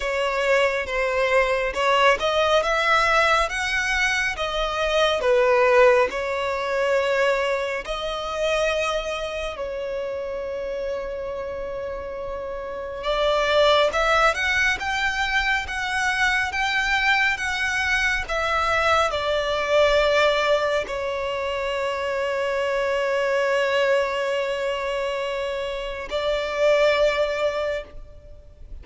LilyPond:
\new Staff \with { instrumentName = "violin" } { \time 4/4 \tempo 4 = 69 cis''4 c''4 cis''8 dis''8 e''4 | fis''4 dis''4 b'4 cis''4~ | cis''4 dis''2 cis''4~ | cis''2. d''4 |
e''8 fis''8 g''4 fis''4 g''4 | fis''4 e''4 d''2 | cis''1~ | cis''2 d''2 | }